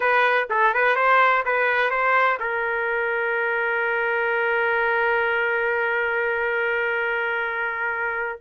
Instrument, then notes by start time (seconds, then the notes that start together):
trumpet
0.00 B4
0.50 A4
0.74 B4
0.95 C5
1.45 B4
1.90 C5
2.39 A#4